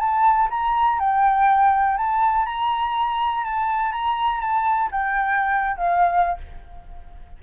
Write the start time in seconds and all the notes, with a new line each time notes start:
0.00 A5
0.51 A#5
1.00 G5
1.98 A5
2.46 A#5
3.44 A5
3.92 A#5
4.41 A5
4.92 G5
5.77 F5